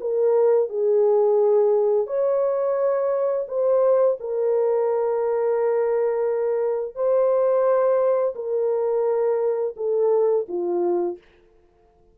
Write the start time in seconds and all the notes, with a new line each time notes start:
0.00 A#4
0.69 G#4
2.07 C#5
3.48 C5
4.20 A#4
6.95 C5
8.35 A#4
9.76 A4
10.48 F4